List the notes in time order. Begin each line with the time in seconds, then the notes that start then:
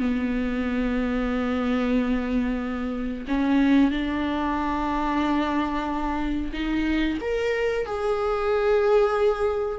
0.00 B3
3.28 C#4
3.91 D4
6.53 D#4
7.21 A#4
7.86 G#4